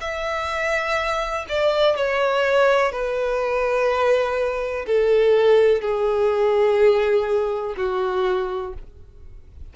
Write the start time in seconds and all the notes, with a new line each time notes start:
0.00 E5
1.49 D5
1.96 C#5
2.92 B4
4.86 A4
5.81 G#4
7.76 F#4